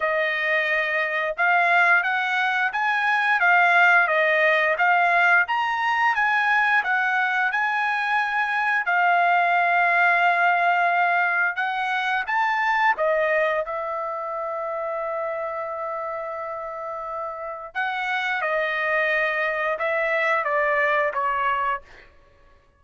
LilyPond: \new Staff \with { instrumentName = "trumpet" } { \time 4/4 \tempo 4 = 88 dis''2 f''4 fis''4 | gis''4 f''4 dis''4 f''4 | ais''4 gis''4 fis''4 gis''4~ | gis''4 f''2.~ |
f''4 fis''4 a''4 dis''4 | e''1~ | e''2 fis''4 dis''4~ | dis''4 e''4 d''4 cis''4 | }